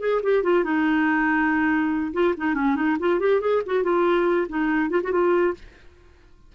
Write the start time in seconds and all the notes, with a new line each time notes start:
0.00 G#4
0.23 G4
0.43 F4
0.64 D#4
2.13 F4
2.37 D#4
2.54 C#4
2.75 D#4
3.00 F4
3.19 G4
3.41 G#4
3.66 F#4
3.83 F4
4.49 D#4
4.90 F4
5.03 F#4
5.11 F4